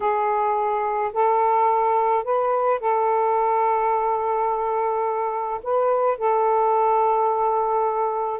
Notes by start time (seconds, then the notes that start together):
0.00 G#4
1.13 A4
2.24 B4
2.80 A4
5.63 B4
6.18 A4